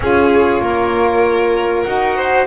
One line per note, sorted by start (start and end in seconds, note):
0.00 0.60 C#4
0.00 1.85 F4
0.00 0.61 G#4
0.00 1.82 C#5
0.60 1.84 A#3
0.60 2.16 A#4
1.82 2.46 D#4
1.82 2.46 F#4
1.82 2.44 F#5
2.16 2.46 C5